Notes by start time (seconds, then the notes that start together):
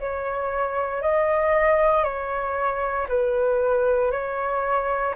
0.00 C#5
1.02 D#5
2.04 C#5
3.09 B4
4.11 C#5